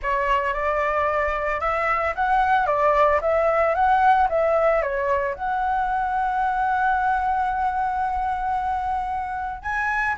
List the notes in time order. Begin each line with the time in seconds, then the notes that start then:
0.02 C#5
0.53 D5
1.60 E5
2.15 F#5
2.66 D5
3.21 E5
3.74 F#5
4.29 E5
4.82 C#5
5.34 F#5
9.62 G#5